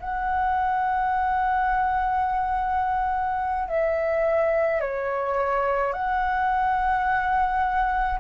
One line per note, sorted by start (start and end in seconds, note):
0.00 3.68 F#5
3.68 4.81 E5
4.81 5.93 C#5
5.93 8.20 F#5